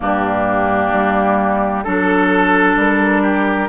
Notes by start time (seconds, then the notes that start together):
0.00 G2 A#3 D4 G4
0.92 G3
1.83 F#3 D4 A4
2.76 G3 A#4
3.22 G4